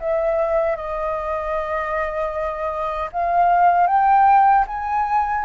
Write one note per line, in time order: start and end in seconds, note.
0.00 0.76 E5
0.76 3.10 D#5
3.12 3.87 F5
3.87 4.65 G5
4.68 5.45 G#5